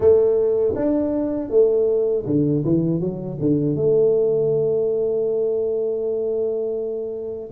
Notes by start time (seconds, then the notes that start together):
0.00 A3
0.75 D4
1.50 A3
2.26 D3
2.65 E3
3.00 F#3
3.40 D3
3.75 A3